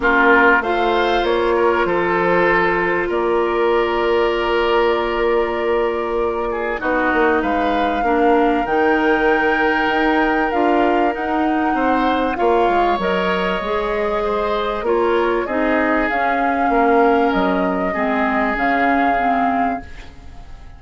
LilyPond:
<<
  \new Staff \with { instrumentName = "flute" } { \time 4/4 \tempo 4 = 97 ais'4 f''4 cis''4 c''4~ | c''4 d''2.~ | d''2. dis''4 | f''2 g''2~ |
g''4 f''4 fis''2 | f''4 dis''2. | cis''4 dis''4 f''2 | dis''2 f''2 | }
  \new Staff \with { instrumentName = "oboe" } { \time 4/4 f'4 c''4. ais'8 a'4~ | a'4 ais'2.~ | ais'2~ ais'8 gis'8 fis'4 | b'4 ais'2.~ |
ais'2. c''4 | cis''2. c''4 | ais'4 gis'2 ais'4~ | ais'4 gis'2. | }
  \new Staff \with { instrumentName = "clarinet" } { \time 4/4 cis'4 f'2.~ | f'1~ | f'2. dis'4~ | dis'4 d'4 dis'2~ |
dis'4 f'4 dis'2 | f'4 ais'4 gis'2 | f'4 dis'4 cis'2~ | cis'4 c'4 cis'4 c'4 | }
  \new Staff \with { instrumentName = "bassoon" } { \time 4/4 ais4 a4 ais4 f4~ | f4 ais2.~ | ais2. b8 ais8 | gis4 ais4 dis2 |
dis'4 d'4 dis'4 c'4 | ais8 gis8 fis4 gis2 | ais4 c'4 cis'4 ais4 | fis4 gis4 cis2 | }
>>